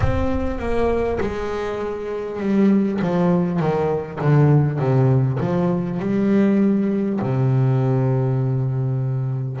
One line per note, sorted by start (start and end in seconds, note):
0.00 0.58 C4
0.58 1.18 A#3
1.20 2.39 G#3
2.39 2.99 G3
3.01 3.59 F3
3.59 4.19 D#3
4.20 4.78 D3
4.78 5.38 C3
5.39 5.99 F3
5.99 7.19 G3
7.21 9.60 C3